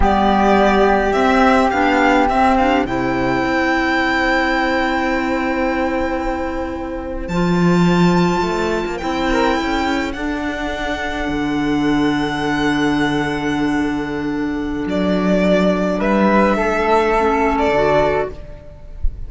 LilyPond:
<<
  \new Staff \with { instrumentName = "violin" } { \time 4/4 \tempo 4 = 105 d''2 e''4 f''4 | e''8 f''8 g''2.~ | g''1~ | g''8. a''2. g''16~ |
g''4.~ g''16 fis''2~ fis''16~ | fis''1~ | fis''2 d''2 | e''2~ e''8. d''4~ d''16 | }
  \new Staff \with { instrumentName = "flute" } { \time 4/4 g'1~ | g'4 c''2.~ | c''1~ | c''1~ |
c''16 ais'8 a'2.~ a'16~ | a'1~ | a'1 | b'4 a'2. | }
  \new Staff \with { instrumentName = "clarinet" } { \time 4/4 b2 c'4 d'4 | c'8 d'8 e'2.~ | e'1~ | e'8. f'2. e'16~ |
e'4.~ e'16 d'2~ d'16~ | d'1~ | d'1~ | d'2 cis'4 fis'4 | }
  \new Staff \with { instrumentName = "cello" } { \time 4/4 g2 c'4 b4 | c'4 c4 c'2~ | c'1~ | c'8. f2 a8. ais16 c'16~ |
c'8. cis'4 d'2 d16~ | d1~ | d2 fis2 | g4 a2 d4 | }
>>